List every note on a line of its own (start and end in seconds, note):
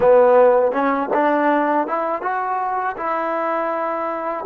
0.00 0.72 B3
0.72 1.09 C#4
1.13 1.87 D4
1.87 2.22 E4
2.22 2.96 F#4
2.96 4.44 E4